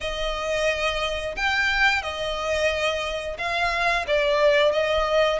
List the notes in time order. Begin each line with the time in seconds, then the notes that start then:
0.01 D#5
1.36 G5
2.02 D#5
3.38 F5
4.07 D5
4.72 D#5